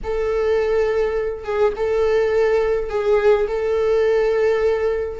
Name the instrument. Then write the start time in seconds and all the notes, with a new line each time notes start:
viola
0.03 A4
1.44 G#4
1.76 A4
2.89 G#4
3.47 A4